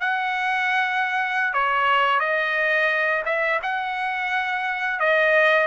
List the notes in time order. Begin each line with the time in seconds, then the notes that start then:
0.00 F#5
1.53 C#5
2.20 D#5
3.25 E5
3.63 F#5
5.00 D#5